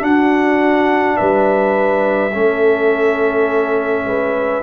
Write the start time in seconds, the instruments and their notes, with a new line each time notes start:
0.00 trombone D4, tuba D4, horn F#4, trumpet F#5
1.17 tuba G3, horn B4, trumpet E5
2.33 tuba A3, trombone C#4, horn A4
4.05 tuba G#3, horn B4